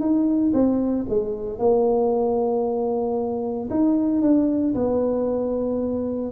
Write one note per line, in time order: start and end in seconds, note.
0.00 0.53 D#4
0.53 1.06 C4
1.09 1.59 G#3
1.59 3.69 A#3
3.70 4.22 D#4
4.22 4.74 D4
4.75 6.31 B3